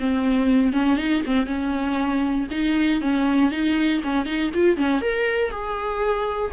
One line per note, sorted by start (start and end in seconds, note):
0.00 0.73 C4
0.73 0.97 C#4
0.97 1.23 D#4
1.26 1.47 C4
1.47 2.48 C#4
2.51 3.01 D#4
3.01 3.51 C#4
3.51 4.02 D#4
4.04 4.26 C#4
4.26 4.51 D#4
4.54 4.77 F4
4.77 5.02 C#4
5.02 5.51 A#4
5.51 6.52 G#4